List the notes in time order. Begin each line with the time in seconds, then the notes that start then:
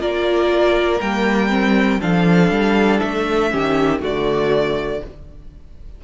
0.00 A#3 F4 A#4 D5
1.01 G3 A#3 G5
1.50 C4
2.01 F3 D4 A4 F5
2.51 G3
3.00 A3 E5
3.51 D#3 C#4 G4
4.00 D3 A3 F#4 D5